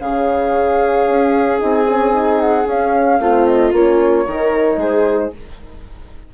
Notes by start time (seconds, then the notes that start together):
0.00 C#3 C#4 G#4 F5
1.08 C#4
1.59 C4 D#4 G#5
1.89 C#4
2.12 D#4
2.40 F#5
2.66 C#4 F5
3.20 A3 C4 F4
3.46 D#5
3.72 A#3 C#4 C#5
4.26 D#3 D#4 A#4
4.76 G#3 G#4 C5